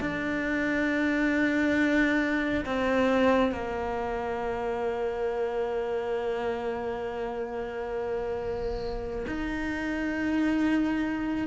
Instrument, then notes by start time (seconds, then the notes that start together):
cello
0.00 D4
2.65 C4
3.52 A#3
9.27 D#4